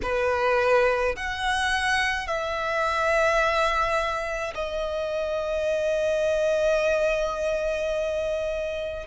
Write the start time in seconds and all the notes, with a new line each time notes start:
0.02 B4
1.16 F#5
2.27 E5
4.54 D#5